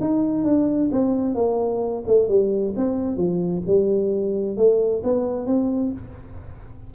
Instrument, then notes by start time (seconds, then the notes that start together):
tuba
0.00 D#4
0.44 D4
0.91 C4
1.34 A#3
2.06 A3
2.28 G3
2.76 C4
3.16 F3
3.66 G3
4.56 A3
5.03 B3
5.46 C4